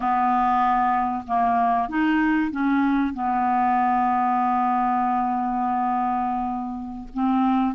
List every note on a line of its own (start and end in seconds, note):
0.00 1.24 B3
1.27 1.89 A#3
1.89 2.51 D#4
2.51 3.13 C#4
3.13 7.08 B3
7.13 7.75 C4